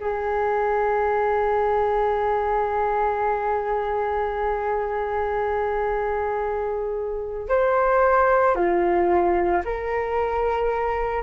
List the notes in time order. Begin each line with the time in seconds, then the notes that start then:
0.00 G#4
7.49 C5
8.55 F4
9.65 A#4